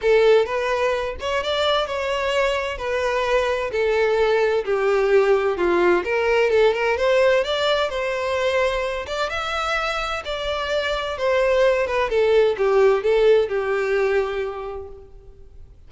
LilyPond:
\new Staff \with { instrumentName = "violin" } { \time 4/4 \tempo 4 = 129 a'4 b'4. cis''8 d''4 | cis''2 b'2 | a'2 g'2 | f'4 ais'4 a'8 ais'8 c''4 |
d''4 c''2~ c''8 d''8 | e''2 d''2 | c''4. b'8 a'4 g'4 | a'4 g'2. | }